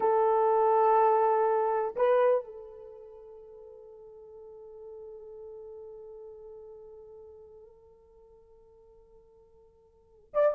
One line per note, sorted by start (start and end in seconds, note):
0.00 1.95 A4
1.96 2.44 B4
2.44 10.31 A4
10.33 10.55 D5